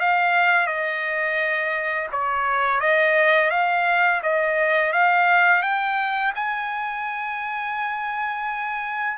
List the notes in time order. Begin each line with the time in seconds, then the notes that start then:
0.00 F5
0.67 D#5
2.12 C#5
2.80 D#5
3.50 F5
4.23 D#5
4.93 F5
5.62 G5
6.35 G#5